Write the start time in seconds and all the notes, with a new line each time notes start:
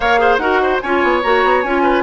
0.00 A#3 A#4 C#5 F5
0.18 G#4 C5
0.37 D#4 F#4 A#4 F#5
0.62 C5
0.81 C#4 F4 C#5 G#5
1.03 B3
1.22 A#3 F#4 A#5
1.44 B3
1.62 C#4 F4 G#5
1.82 B4